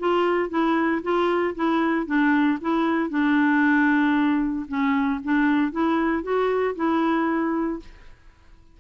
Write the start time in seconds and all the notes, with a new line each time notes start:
0.00 F4
0.50 E4
1.03 F4
1.55 E4
2.07 D4
2.62 E4
3.10 D4
4.69 C#4
5.24 D4
5.72 E4
6.23 F#4
6.76 E4